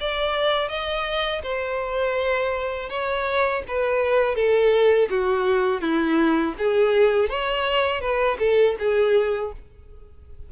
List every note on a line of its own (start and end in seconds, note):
0.00 0.68 D5
0.68 1.41 D#5
1.43 2.89 C5
2.89 3.63 C#5
3.67 4.35 B4
4.35 5.08 A4
5.10 5.81 F#4
5.81 6.54 E4
6.58 7.29 G#4
7.29 8.01 C#5
8.01 8.37 B4
8.39 8.75 A4
8.79 9.52 G#4